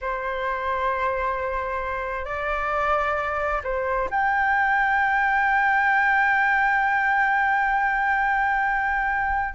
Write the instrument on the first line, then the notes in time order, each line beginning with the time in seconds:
flute
0.01 C5
2.25 D5
3.63 C5
4.10 G5